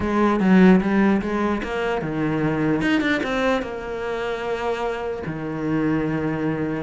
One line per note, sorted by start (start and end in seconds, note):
0.00 0.40 G#3
0.40 0.80 F#3
0.80 1.21 G3
1.21 1.61 G#3
1.63 2.01 A#3
2.01 2.81 D#3
2.81 3.00 D#4
3.00 3.20 D4
3.23 3.61 C4
3.61 5.23 A#3
5.26 6.83 D#3